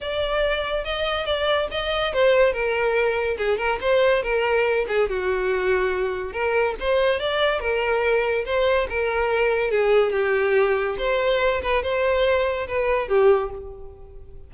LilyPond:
\new Staff \with { instrumentName = "violin" } { \time 4/4 \tempo 4 = 142 d''2 dis''4 d''4 | dis''4 c''4 ais'2 | gis'8 ais'8 c''4 ais'4. gis'8 | fis'2. ais'4 |
c''4 d''4 ais'2 | c''4 ais'2 gis'4 | g'2 c''4. b'8 | c''2 b'4 g'4 | }